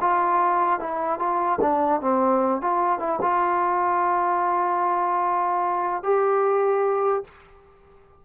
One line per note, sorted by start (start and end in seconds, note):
0.00 0.79 F4
0.79 1.18 E4
1.18 1.59 F4
1.60 2.01 D4
2.01 2.61 C4
2.61 2.99 F4
2.99 3.19 E4
3.21 6.03 F4
6.03 7.24 G4